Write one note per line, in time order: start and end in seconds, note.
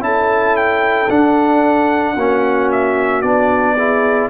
0.00 1.07 C#4
0.00 1.08 E4
0.00 2.16 A4
0.00 0.57 A5
0.57 1.10 G5
1.10 2.16 D4
1.10 2.17 D4
1.10 2.71 F#5
2.16 3.23 A#3
2.16 3.24 C#4
2.16 3.76 F#4
2.72 3.22 E5
3.22 4.30 B3
3.22 3.77 D4
3.22 4.29 D5
3.76 4.30 E4
3.76 4.30 G#4